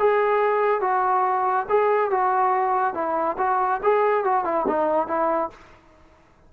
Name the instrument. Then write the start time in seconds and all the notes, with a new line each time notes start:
trombone
0.00 G#4
0.81 F#4
1.69 G#4
2.11 F#4
2.95 E4
3.38 F#4
3.84 G#4
4.25 F#4
4.45 E4
4.68 D#4
5.08 E4